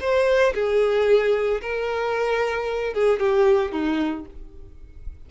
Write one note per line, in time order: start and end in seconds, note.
0.00 0.54 C5
0.54 1.61 G#4
1.61 2.94 A#4
2.94 3.19 G#4
3.19 3.72 G4
3.72 4.25 D#4